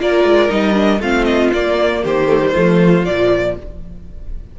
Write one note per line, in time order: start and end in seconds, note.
0.00 0.25 A#3
0.00 0.50 F4
0.00 1.01 A#4
0.00 0.51 D5
0.25 0.50 G#3
0.50 1.00 G3
0.50 0.74 D#4
0.50 1.02 D#5
0.74 0.99 D4
1.00 1.51 A3
1.00 1.54 C4
1.00 2.03 F4
1.00 1.25 F5
1.25 1.50 D#5
1.53 2.04 A#3
1.53 2.28 A#3
1.53 2.04 D5
2.04 2.56 D#3
2.04 2.53 G4
2.04 3.06 C5
2.28 2.40 A3
2.42 2.54 G3
2.53 3.06 F3
2.53 3.04 A3
2.53 3.55 F4
3.06 3.57 A#2
3.06 3.60 F3
3.06 3.56 D5